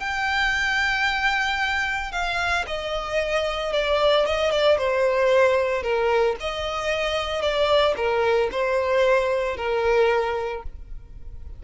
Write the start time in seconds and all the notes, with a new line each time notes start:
0.00 G5
2.12 F5
2.67 D#5
3.73 D5
4.26 D#5
4.51 D5
4.78 C5
5.83 A#4
6.41 D#5
7.42 D5
7.97 A#4
8.52 C5
9.57 A#4